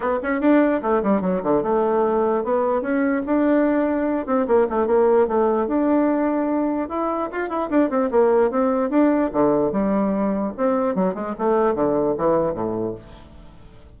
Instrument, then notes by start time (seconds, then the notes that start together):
bassoon
0.00 B3
0.22 C#4
0.41 D4
0.82 A3
1.02 G3
1.21 F#3
1.43 D3
1.62 A3
2.44 B3
2.81 C#4
3.26 D4
4.26 C4
4.47 A#3
4.69 A3
4.86 A#3
5.27 A3
5.67 D4
6.89 E4
7.31 F4
7.49 E4
7.70 D4
7.89 C4
8.10 A#3
8.50 C4
8.89 D4
9.32 D3
9.72 G3
10.57 C4
10.95 F#3
11.14 G#3
11.38 A3
11.75 D3
12.17 E3
12.54 A2